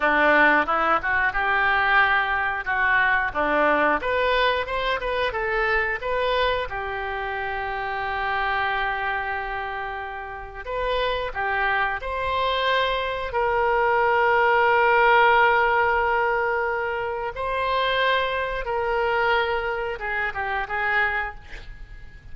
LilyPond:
\new Staff \with { instrumentName = "oboe" } { \time 4/4 \tempo 4 = 90 d'4 e'8 fis'8 g'2 | fis'4 d'4 b'4 c''8 b'8 | a'4 b'4 g'2~ | g'1 |
b'4 g'4 c''2 | ais'1~ | ais'2 c''2 | ais'2 gis'8 g'8 gis'4 | }